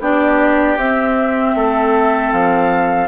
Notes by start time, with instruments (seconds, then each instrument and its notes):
0.00 bassoon B3, clarinet D4, oboe G4, flute D5
0.77 bassoon C4, clarinet C4, flute E5
1.55 bassoon A3, oboe A4
2.32 bassoon F3, flute F5